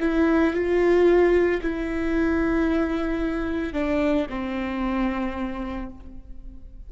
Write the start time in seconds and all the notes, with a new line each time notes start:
0.00 E4
0.54 F4
1.63 E4
3.74 D4
4.30 C4